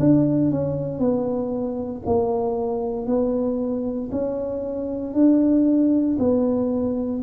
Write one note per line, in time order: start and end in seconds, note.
0.00 0.52 D4
0.52 0.99 C#4
0.99 2.03 B3
2.06 3.07 A#3
3.07 4.11 B3
4.12 5.14 C#4
5.14 6.18 D4
6.19 7.23 B3